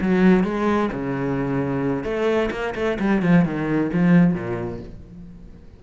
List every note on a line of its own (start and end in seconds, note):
0.00 0.44 F#3
0.44 0.89 G#3
0.92 2.04 C#3
2.04 2.49 A3
2.51 2.74 A#3
2.75 2.98 A3
2.99 3.22 G3
3.22 3.45 F3
3.45 3.90 D#3
3.93 4.34 F3
4.34 4.79 A#2